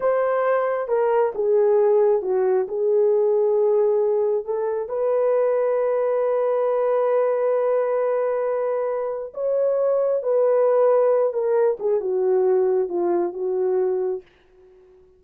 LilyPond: \new Staff \with { instrumentName = "horn" } { \time 4/4 \tempo 4 = 135 c''2 ais'4 gis'4~ | gis'4 fis'4 gis'2~ | gis'2 a'4 b'4~ | b'1~ |
b'1~ | b'4 cis''2 b'4~ | b'4. ais'4 gis'8 fis'4~ | fis'4 f'4 fis'2 | }